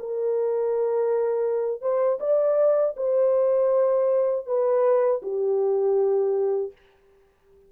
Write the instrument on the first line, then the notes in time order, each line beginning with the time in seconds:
horn
0.00 A#4
1.82 C5
2.21 D5
2.97 C5
4.47 B4
5.23 G4